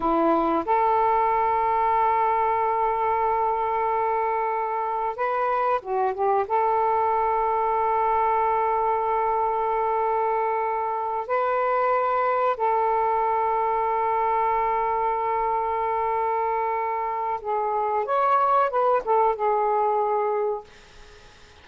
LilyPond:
\new Staff \with { instrumentName = "saxophone" } { \time 4/4 \tempo 4 = 93 e'4 a'2.~ | a'1 | b'4 fis'8 g'8 a'2~ | a'1~ |
a'4. b'2 a'8~ | a'1~ | a'2. gis'4 | cis''4 b'8 a'8 gis'2 | }